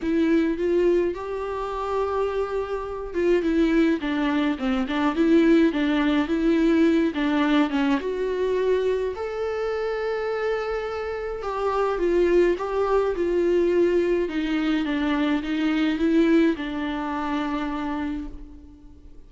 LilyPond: \new Staff \with { instrumentName = "viola" } { \time 4/4 \tempo 4 = 105 e'4 f'4 g'2~ | g'4. f'8 e'4 d'4 | c'8 d'8 e'4 d'4 e'4~ | e'8 d'4 cis'8 fis'2 |
a'1 | g'4 f'4 g'4 f'4~ | f'4 dis'4 d'4 dis'4 | e'4 d'2. | }